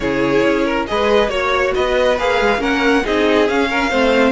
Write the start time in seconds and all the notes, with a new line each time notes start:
0.00 C#3 E4 G#4 C#5
0.43 C#4
0.65 A#4
0.87 G#3 G#4 B4 D#5
1.28 A#3 F#4 C#5
1.74 B3 B4 D#5
2.18 A#3 G#4 F5
2.40 G#3
2.57 A#3 C#4 A#4 F#5
3.03 C4 D#4 G#4 D#5
3.48 C#4 F5
3.69 A#4
3.89 A3 C4 C5